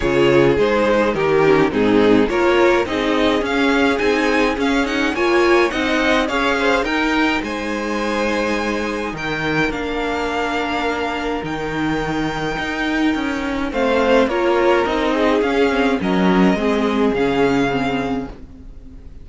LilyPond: <<
  \new Staff \with { instrumentName = "violin" } { \time 4/4 \tempo 4 = 105 cis''4 c''4 ais'4 gis'4 | cis''4 dis''4 f''4 gis''4 | f''8 fis''8 gis''4 fis''4 f''4 | g''4 gis''2. |
g''4 f''2. | g''1 | f''4 cis''4 dis''4 f''4 | dis''2 f''2 | }
  \new Staff \with { instrumentName = "violin" } { \time 4/4 gis'2 g'4 dis'4 | ais'4 gis'2.~ | gis'4 cis''4 dis''4 cis''8 c''8 | ais'4 c''2. |
ais'1~ | ais'1 | c''4 ais'4. gis'4. | ais'4 gis'2. | }
  \new Staff \with { instrumentName = "viola" } { \time 4/4 f'4 dis'4. cis'8 c'4 | f'4 dis'4 cis'4 dis'4 | cis'8 dis'8 f'4 dis'4 gis'4 | dis'1~ |
dis'4 d'2. | dis'1 | c'4 f'4 dis'4 cis'8 c'8 | cis'4 c'4 cis'4 c'4 | }
  \new Staff \with { instrumentName = "cello" } { \time 4/4 cis4 gis4 dis4 gis,4 | ais4 c'4 cis'4 c'4 | cis'4 ais4 c'4 cis'4 | dis'4 gis2. |
dis4 ais2. | dis2 dis'4 cis'4 | a4 ais4 c'4 cis'4 | fis4 gis4 cis2 | }
>>